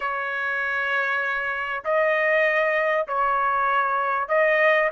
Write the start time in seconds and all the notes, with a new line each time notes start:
0.00 C#5
1.84 D#5
3.08 C#5
4.28 D#5